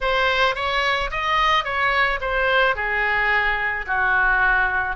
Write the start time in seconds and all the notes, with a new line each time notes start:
0.00 C5
0.55 C#5
1.10 D#5
1.64 C#5
2.20 C5
2.75 G#4
3.87 F#4